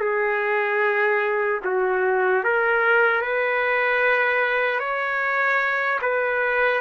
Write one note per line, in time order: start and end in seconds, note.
0.00 1.60 G#4
1.65 2.44 F#4
2.44 3.22 A#4
3.22 4.80 B4
4.80 6.00 C#5
6.02 6.81 B4